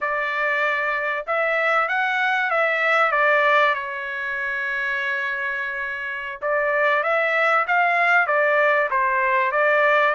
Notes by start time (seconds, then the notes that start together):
0.00 D5
1.26 E5
1.88 F#5
2.50 E5
3.11 D5
3.74 C#5
6.41 D5
7.03 E5
7.67 F5
8.26 D5
8.90 C5
9.51 D5